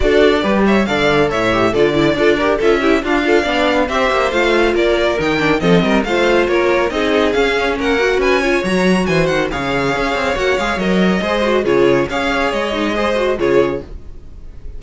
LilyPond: <<
  \new Staff \with { instrumentName = "violin" } { \time 4/4 \tempo 4 = 139 d''4. e''8 f''4 e''4 | d''2 e''4 f''4~ | f''4 e''4 f''4 d''4 | g''4 dis''4 f''4 cis''4 |
dis''4 f''4 fis''4 gis''4 | ais''4 gis''8 fis''8 f''2 | fis''8 f''8 dis''2 cis''4 | f''4 dis''2 cis''4 | }
  \new Staff \with { instrumentName = "violin" } { \time 4/4 a'4 b'8 cis''8 d''4 cis''4 | a'8 d''8 a'8 ais'8 a'8 g'8 f'8 a'8 | d''4 c''2 ais'4~ | ais'4 a'8 ais'8 c''4 ais'4 |
gis'2 ais'4 b'8 cis''8~ | cis''4 c''4 cis''2~ | cis''2 c''4 gis'4 | cis''2 c''4 gis'4 | }
  \new Staff \with { instrumentName = "viola" } { \time 4/4 fis'4 g'4 a'4. g'8 | f'8 e'8 f'8 g'8 f'8 e'8 d'8 f'8 | d'4 g'4 f'2 | dis'8 d'8 c'4 f'2 |
dis'4 cis'4. fis'4 f'8 | fis'2 gis'2 | fis'8 gis'8 ais'4 gis'8 fis'8 f'4 | gis'4. dis'8 gis'8 fis'8 f'4 | }
  \new Staff \with { instrumentName = "cello" } { \time 4/4 d'4 g4 d4 a,4 | d4 d'4 cis'4 d'4 | b4 c'8 ais8 a4 ais4 | dis4 f8 g8 a4 ais4 |
c'4 cis'4 ais4 cis'4 | fis4 e8 dis8 cis4 cis'8 c'8 | ais8 gis8 fis4 gis4 cis4 | cis'4 gis2 cis4 | }
>>